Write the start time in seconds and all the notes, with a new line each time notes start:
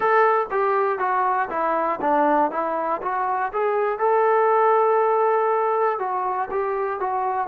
0.00 A4
0.50 G4
0.98 F#4
1.50 E4
2.00 D4
2.51 E4
3.02 F#4
3.53 G#4
3.99 A4
5.99 F#4
6.50 G4
7.00 F#4